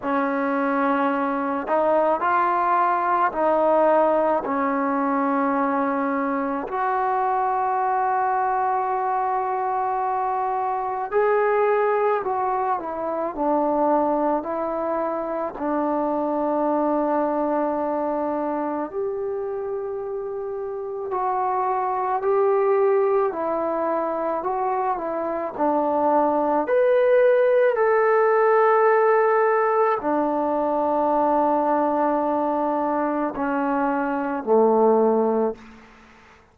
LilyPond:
\new Staff \with { instrumentName = "trombone" } { \time 4/4 \tempo 4 = 54 cis'4. dis'8 f'4 dis'4 | cis'2 fis'2~ | fis'2 gis'4 fis'8 e'8 | d'4 e'4 d'2~ |
d'4 g'2 fis'4 | g'4 e'4 fis'8 e'8 d'4 | b'4 a'2 d'4~ | d'2 cis'4 a4 | }